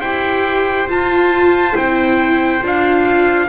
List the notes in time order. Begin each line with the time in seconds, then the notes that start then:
0.00 E4 G4 C5 G5
0.87 F4 A5
1.74 C4 E4 G5
2.61 D4 F4 F5